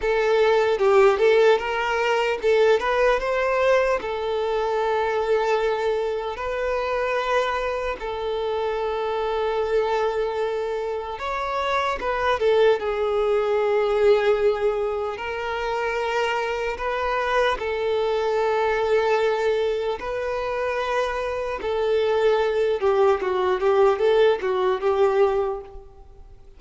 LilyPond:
\new Staff \with { instrumentName = "violin" } { \time 4/4 \tempo 4 = 75 a'4 g'8 a'8 ais'4 a'8 b'8 | c''4 a'2. | b'2 a'2~ | a'2 cis''4 b'8 a'8 |
gis'2. ais'4~ | ais'4 b'4 a'2~ | a'4 b'2 a'4~ | a'8 g'8 fis'8 g'8 a'8 fis'8 g'4 | }